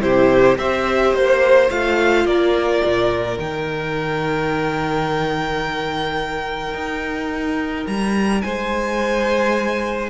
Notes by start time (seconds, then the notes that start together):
0.00 C3 E4 G4 C5
0.57 C4 G4 C5 E5
1.13 A#3 C5
1.70 A3 F4 F5
2.25 A#3 A#4 D5
2.85 A#2
3.37 D#3 D#4 G5
6.74 D#4
7.87 G3 A#5
8.41 G#3 C5 G#5